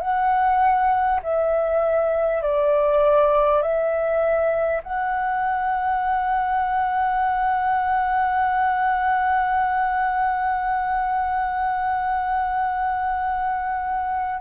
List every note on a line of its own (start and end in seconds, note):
0.00 1.20 F#5
1.22 2.42 E5
2.42 3.62 D5
3.62 4.82 E5
4.83 14.41 F#5